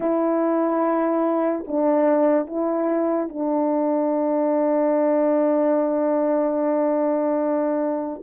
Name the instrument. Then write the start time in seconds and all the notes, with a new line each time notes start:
horn
0.00 E4
1.67 D4
2.47 E4
3.28 D4